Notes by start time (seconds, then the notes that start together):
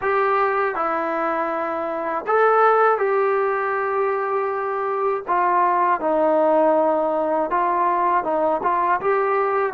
0.01 G4
0.75 E4
2.27 A4
2.98 G4
5.27 F4
6.00 D#4
7.50 F4
8.23 D#4
8.62 F4
9.00 G4